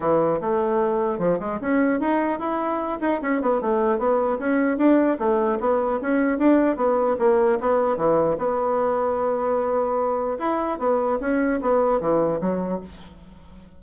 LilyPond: \new Staff \with { instrumentName = "bassoon" } { \time 4/4 \tempo 4 = 150 e4 a2 f8 gis8 | cis'4 dis'4 e'4. dis'8 | cis'8 b8 a4 b4 cis'4 | d'4 a4 b4 cis'4 |
d'4 b4 ais4 b4 | e4 b2.~ | b2 e'4 b4 | cis'4 b4 e4 fis4 | }